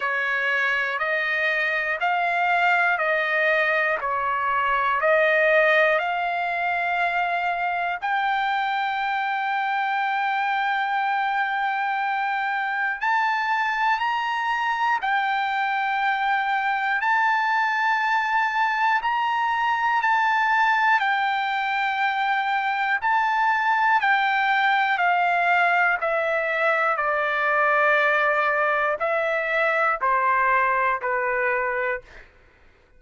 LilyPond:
\new Staff \with { instrumentName = "trumpet" } { \time 4/4 \tempo 4 = 60 cis''4 dis''4 f''4 dis''4 | cis''4 dis''4 f''2 | g''1~ | g''4 a''4 ais''4 g''4~ |
g''4 a''2 ais''4 | a''4 g''2 a''4 | g''4 f''4 e''4 d''4~ | d''4 e''4 c''4 b'4 | }